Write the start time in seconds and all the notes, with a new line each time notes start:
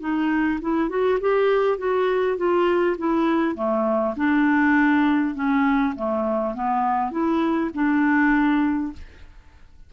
0.00 D#4
0.61 E4
0.89 F#4
1.20 G4
1.78 F#4
2.37 F4
2.98 E4
3.55 A3
4.16 D4
5.35 C#4
5.95 A3
6.55 B3
7.11 E4
7.74 D4